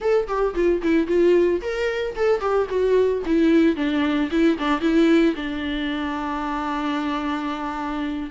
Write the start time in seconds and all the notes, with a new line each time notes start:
0.00 A4
0.27 G4
0.54 F4
0.82 E4
1.07 F4
1.61 A#4
2.16 A4
2.40 G4
2.69 F#4
3.25 E4
3.76 D4
4.30 E4
4.58 D4
4.80 E4
5.35 D4